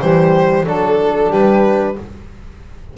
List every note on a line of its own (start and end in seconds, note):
0.00 0.65 E3
0.00 0.65 G3
0.00 0.65 G4
0.00 0.65 C5
0.65 1.31 F#3
0.65 1.96 D4
0.65 1.29 A4
0.65 1.32 A4
1.29 1.96 G3
1.29 1.95 G4
1.29 1.98 B4